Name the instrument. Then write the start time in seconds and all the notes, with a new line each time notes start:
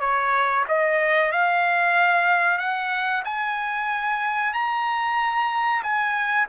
trumpet
0.00 C#5
0.68 D#5
1.32 F5
2.58 F#5
3.25 G#5
4.53 A#5
5.83 G#5